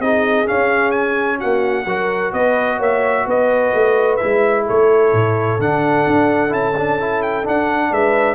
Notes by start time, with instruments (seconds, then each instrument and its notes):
0.00 tuba C4, trombone D#4, horn G#4, trumpet D#5
0.46 trombone C#4, tuba C#4, trumpet F5
0.92 trumpet G#5
1.38 tuba A#3, horn F#4, trumpet F#5
1.86 tuba F#3, trombone F#4, horn A#4
2.33 tuba B3, horn B4, trumpet D#5
2.78 tuba A#3, horn C#5, trumpet E5
3.27 tuba B3, horn B4, trumpet D#5
3.74 tuba A3
4.17 trombone E4, trumpet E5
4.24 tuba G#3
4.66 tuba A3, horn A4, trumpet C#5
5.13 tuba A2
5.59 tuba D3, trombone D4, trumpet F#5
6.07 tuba D4
6.49 tuba C#4, trombone E4, trumpet A5
6.78 trombone D4
7.00 trombone E4
7.23 trumpet G5
7.44 trombone D4, tuba D4, trumpet F#5
7.91 tuba G#3, horn B4, trumpet E5